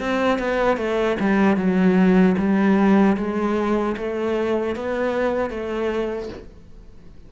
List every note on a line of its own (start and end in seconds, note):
0.00 0.39 C4
0.39 0.77 B3
0.77 1.17 A3
1.20 1.57 G3
1.57 2.36 F#3
2.38 3.17 G3
3.17 3.96 G#3
3.97 4.76 A3
4.76 5.50 B3
5.50 6.29 A3